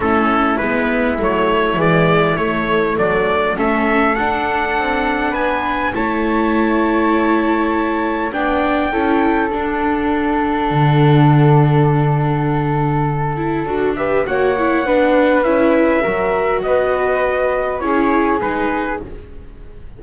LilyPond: <<
  \new Staff \with { instrumentName = "trumpet" } { \time 4/4 \tempo 4 = 101 a'4 b'4 cis''4 d''4 | cis''4 d''4 e''4 fis''4~ | fis''4 gis''4 a''2~ | a''2 g''2 |
fis''1~ | fis''2.~ fis''8 e''8 | fis''2 e''2 | dis''2 cis''4 b'4 | }
  \new Staff \with { instrumentName = "flute" } { \time 4/4 e'1~ | e'4 d'4 a'2~ | a'4 b'4 cis''2~ | cis''2 d''4 a'4~ |
a'1~ | a'2.~ a'8 b'8 | cis''4 b'2 ais'4 | b'2 gis'2 | }
  \new Staff \with { instrumentName = "viola" } { \time 4/4 cis'4 b4 a4 gis4 | a2 cis'4 d'4~ | d'2 e'2~ | e'2 d'4 e'4 |
d'1~ | d'2~ d'8 e'8 fis'8 g'8 | fis'8 e'8 d'4 e'4 fis'4~ | fis'2 e'4 dis'4 | }
  \new Staff \with { instrumentName = "double bass" } { \time 4/4 a4 gis4 fis4 e4 | a4 fis4 a4 d'4 | c'4 b4 a2~ | a2 b4 cis'4 |
d'2 d2~ | d2. d'4 | ais4 b4 cis'4 fis4 | b2 cis'4 gis4 | }
>>